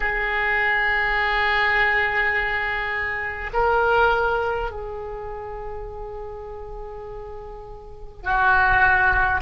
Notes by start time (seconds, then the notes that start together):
0.00 G#4
3.53 A#4
4.71 G#4
8.23 F#4